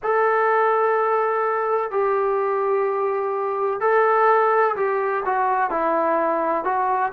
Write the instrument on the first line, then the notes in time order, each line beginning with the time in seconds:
trombone
0.03 A4
1.90 G4
3.80 A4
4.76 G4
5.25 F#4
5.70 E4
6.64 F#4